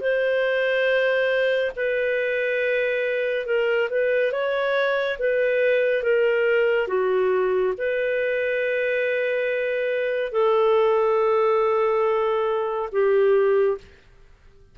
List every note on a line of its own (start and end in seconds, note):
0.00 1.71 C5
1.76 3.46 B4
3.46 3.89 A#4
3.90 4.32 B4
4.32 5.17 C#5
5.18 6.03 B4
6.03 6.87 A#4
6.87 7.73 F#4
7.77 10.32 B4
10.32 12.89 A4
12.92 13.77 G4